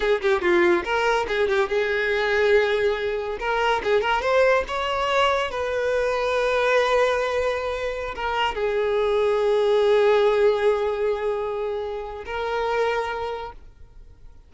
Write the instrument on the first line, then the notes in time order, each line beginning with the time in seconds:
violin
0.00 G#4
0.21 G4
0.41 F4
0.84 A#4
1.28 G#4
1.48 G4
1.69 G#4
3.39 A#4
3.83 G#4
4.01 A#4
4.21 C5
4.67 C#5
5.50 B4
8.15 A#4
8.54 G#4
12.25 A#4